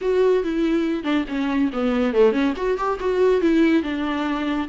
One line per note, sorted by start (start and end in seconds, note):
0.01 0.43 F#4
0.43 1.03 E4
1.03 1.25 D4
1.28 1.70 C#4
1.72 2.13 B3
2.13 2.32 A3
2.32 2.53 C#4
2.56 2.77 F#4
2.77 2.98 G4
3.00 3.41 F#4
3.41 3.83 E4
3.83 4.68 D4